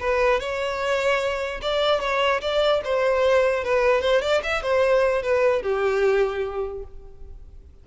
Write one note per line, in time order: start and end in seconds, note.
0.00 0.40 B4
0.40 1.61 C#5
1.61 2.00 D5
2.00 2.41 C#5
2.41 2.81 D5
2.84 3.64 C5
3.64 4.01 B4
4.01 4.21 C5
4.21 4.41 D5
4.43 4.63 E5
4.63 5.22 C5
5.22 5.62 B4
5.62 6.83 G4